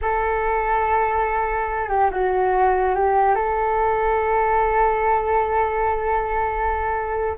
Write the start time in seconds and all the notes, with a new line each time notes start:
0.01 A4
1.88 G4
2.11 F#4
2.95 G4
3.35 A4